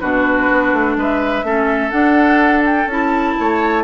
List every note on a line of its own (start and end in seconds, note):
0.00 0.50 B2
0.00 1.44 D4
0.00 0.97 F#4
0.00 0.96 B4
0.51 0.73 B3
0.73 0.96 A3
0.96 1.43 G#3
0.96 1.45 B4
0.96 1.90 E5
1.43 1.91 A3
1.43 1.91 C#4
1.43 3.37 A4
1.90 2.87 D4
1.90 2.86 D4
1.90 2.62 F#5
2.65 2.89 G5
2.86 3.34 C#4
2.86 3.84 E4
2.86 3.84 A5
3.40 3.84 A3
3.40 3.84 C#5